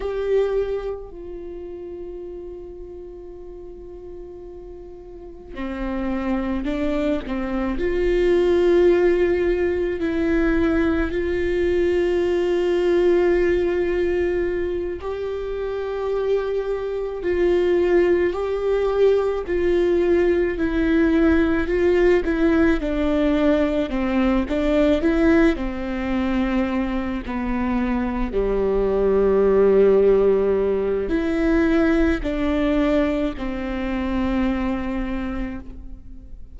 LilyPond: \new Staff \with { instrumentName = "viola" } { \time 4/4 \tempo 4 = 54 g'4 f'2.~ | f'4 c'4 d'8 c'8 f'4~ | f'4 e'4 f'2~ | f'4. g'2 f'8~ |
f'8 g'4 f'4 e'4 f'8 | e'8 d'4 c'8 d'8 e'8 c'4~ | c'8 b4 g2~ g8 | e'4 d'4 c'2 | }